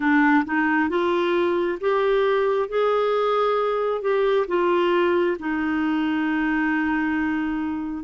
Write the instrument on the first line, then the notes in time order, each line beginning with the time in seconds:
clarinet
0.00 D4
0.45 D#4
0.89 F4
1.80 G4
2.69 G#4
4.01 G4
4.47 F4
5.39 D#4